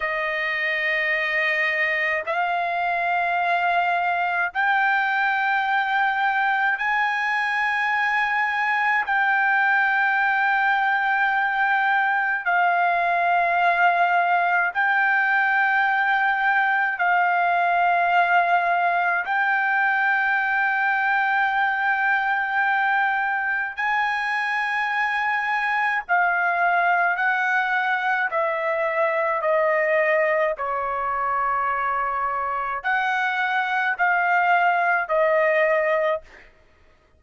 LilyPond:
\new Staff \with { instrumentName = "trumpet" } { \time 4/4 \tempo 4 = 53 dis''2 f''2 | g''2 gis''2 | g''2. f''4~ | f''4 g''2 f''4~ |
f''4 g''2.~ | g''4 gis''2 f''4 | fis''4 e''4 dis''4 cis''4~ | cis''4 fis''4 f''4 dis''4 | }